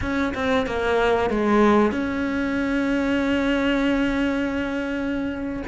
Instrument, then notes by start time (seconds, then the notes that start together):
cello
0.01 C#4
0.34 C4
0.66 A#3
1.30 G#3
1.91 C#4